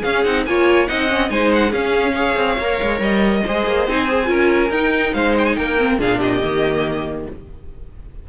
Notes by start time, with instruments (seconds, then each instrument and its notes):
0.00 viola C#4, cello C#4, violin G#4 F5
0.23 cello C4, viola D#4, violin F#5
0.46 cello A#3, viola F4, violin C#5 G#5
0.87 cello C4, viola D#4, violin D#5 F#5
1.10 viola C#4
1.29 cello G#3, viola D#4, violin C5 G#5
1.54 violin F#5
1.70 cello C#4, viola C#4, violin G#4 F5
2.14 viola G#4, violin C#5
2.36 cello C4
2.58 cello A#3, viola A#4
2.82 cello G#3
3.00 cello G3, violin D#5
3.44 cello G#3, viola G#4, violin C5
3.66 cello A#3
3.87 cello C4, viola D#4, violin G#5
4.08 viola G#4
4.25 cello C#4, viola F4, violin A#4
4.69 cello D#4, viola D#4, violin G5
5.13 cello G#3, violin C5 F5
5.38 violin G5
5.45 violin G#5
5.55 cello A#3, violin A#4 G5
5.79 viola C4
5.99 cello A#2, viola D4, violin G#4 F5
6.18 violin G4 D#5
6.41 cello D#3, viola A#3